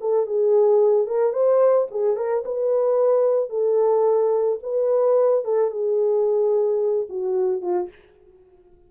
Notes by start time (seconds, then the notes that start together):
0.00 A4
0.26 G#4
1.06 A#4
1.32 C5
1.90 G#4
2.16 A#4
2.45 B4
3.49 A4
4.62 B4
5.44 A4
5.70 G#4
7.09 F#4
7.61 F4